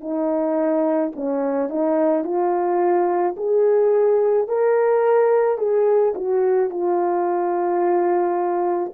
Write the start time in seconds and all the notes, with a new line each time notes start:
0.00 D#4
1.16 C#4
1.69 D#4
2.24 F4
3.36 G#4
4.48 A#4
5.58 G#4
6.15 F#4
6.70 F4